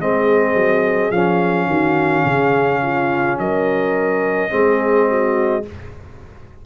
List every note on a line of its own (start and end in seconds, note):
0.00 0.54 G#3
0.00 1.12 C4
0.00 1.68 G#4
0.00 1.12 D#5
0.54 1.11 F#3
1.12 1.67 F3
1.12 4.50 C#4
1.12 3.38 F5
1.67 2.24 D#3
1.67 2.25 F#4
2.25 3.39 C#3
2.25 2.81 G#4
2.83 3.39 F4
3.39 4.52 F#3
3.39 4.51 A#4
3.39 5.66 D#5
4.50 5.66 G#3
4.50 5.63 C4
4.50 5.08 G#4
5.08 5.65 F#4